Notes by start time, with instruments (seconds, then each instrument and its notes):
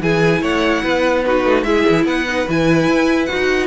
0.00 cello E3, viola E4, violin G#4 G#5
0.41 cello A3, violin C#5 F#5
0.84 cello B3, violin B4
1.24 viola D#4, violin F#4 B4
1.45 cello A3
1.62 cello G#3, viola E4, violin G#4 E5
1.88 cello E3
2.04 cello B3, violin B4 F#5
2.27 viola D#4
2.48 cello E3, viola E4, violin G#5
2.87 cello E4
3.25 viola F#4, violin F#5
3.32 cello D#4